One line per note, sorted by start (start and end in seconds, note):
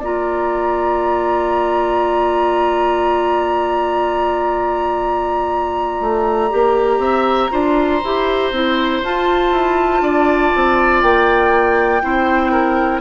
0.00 6.00 A#3
0.00 6.51 F4
0.00 7.00 D5
0.00 9.04 A#5
6.01 6.51 A3
6.51 6.99 A#3
6.51 7.51 G4
6.99 7.49 C4
6.99 7.51 E5
7.51 8.03 D4
7.51 8.01 F4
7.51 10.02 C5
8.04 8.52 E4
8.04 8.53 G4
8.52 9.02 C4
8.52 9.03 E4
9.04 9.52 F4
9.04 12.03 F4
9.04 11.03 A5
9.52 10.02 E4
10.02 10.52 D4
10.02 12.03 D5
10.55 11.03 C4
11.03 12.03 A#3
11.03 13.01 G5
12.03 13.01 C4
12.03 13.01 E4
12.03 12.52 C5
12.52 13.01 A#4